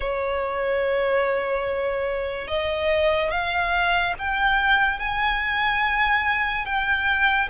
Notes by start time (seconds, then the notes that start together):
0.00 C#5
2.47 D#5
3.30 F5
4.18 G5
4.98 G#5
6.65 G5